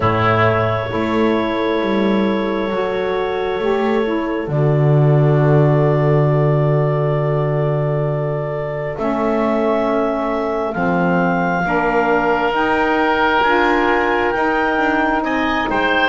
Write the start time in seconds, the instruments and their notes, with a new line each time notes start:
0.00 double bass A2, saxophone A3, oboe E4, clarinet C#5
0.89 double bass A3, saxophone E4, oboe A4
1.81 double bass G3
2.70 double bass F#3, saxophone F#4
3.59 double bass A3, saxophone G4
4.03 saxophone E4
4.47 double bass D3, saxophone F#4, clarinet D5
8.96 double bass A3, saxophone C#4, clarinet E5
10.73 double bass F3, saxophone C4, clarinet F5
11.64 double bass A#3, saxophone D4, oboe A#4
12.49 double bass D#4, saxophone D#4, clarinet G5
13.42 double bass D4, saxophone F4, clarinet G#5
14.31 saxophone D#4, double bass D#4, clarinet G5
14.77 double bass D4
15.21 double bass C4, oboe D#5, clarinet G#5
15.69 double bass G#3, oboe C5, clarinet G5